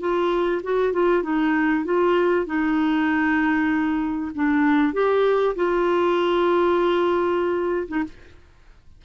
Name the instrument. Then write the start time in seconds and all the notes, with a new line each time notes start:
clarinet
0.00 F4
0.63 F#4
0.93 F4
1.23 D#4
1.85 F4
2.46 D#4
4.35 D4
4.93 G4
5.56 F4
7.88 D#4